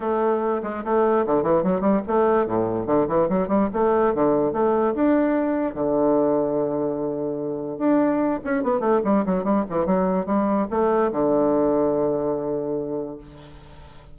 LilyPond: \new Staff \with { instrumentName = "bassoon" } { \time 4/4 \tempo 4 = 146 a4. gis8 a4 d8 e8 | fis8 g8 a4 a,4 d8 e8 | fis8 g8 a4 d4 a4 | d'2 d2~ |
d2. d'4~ | d'8 cis'8 b8 a8 g8 fis8 g8 e8 | fis4 g4 a4 d4~ | d1 | }